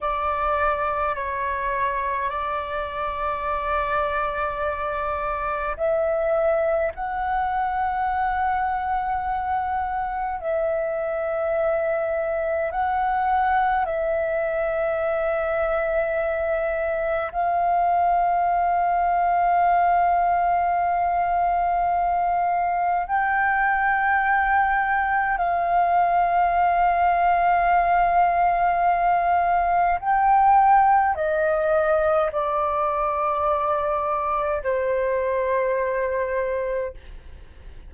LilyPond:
\new Staff \with { instrumentName = "flute" } { \time 4/4 \tempo 4 = 52 d''4 cis''4 d''2~ | d''4 e''4 fis''2~ | fis''4 e''2 fis''4 | e''2. f''4~ |
f''1 | g''2 f''2~ | f''2 g''4 dis''4 | d''2 c''2 | }